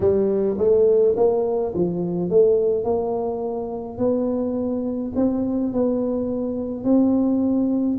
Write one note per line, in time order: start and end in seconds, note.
0.00 0.56 G3
0.57 1.15 A3
1.16 1.73 A#3
1.74 2.30 F3
2.30 2.84 A3
2.84 3.98 A#3
3.98 5.12 B3
5.15 5.72 C4
5.72 6.83 B3
6.83 7.98 C4